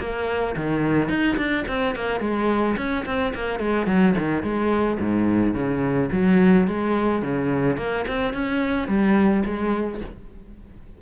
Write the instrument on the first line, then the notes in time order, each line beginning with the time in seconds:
cello
0.00 A#3
0.56 D#3
1.09 D#4
1.37 D4
1.68 C4
1.95 A#3
2.20 G#3
2.77 C#4
3.06 C4
3.35 A#3
3.60 G#3
3.87 F#3
4.18 D#3
4.43 G#3
5.00 G#2
5.55 C#3
6.12 F#3
6.68 G#3
7.22 C#3
7.77 A#3
8.08 C4
8.34 C#4
8.88 G3
9.45 G#3